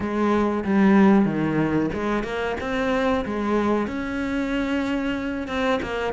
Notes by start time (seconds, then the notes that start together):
0.00 G#3
0.64 G3
1.25 D#3
1.93 G#3
2.23 A#3
2.60 C4
3.25 G#3
3.87 C#4
5.47 C4
5.82 A#3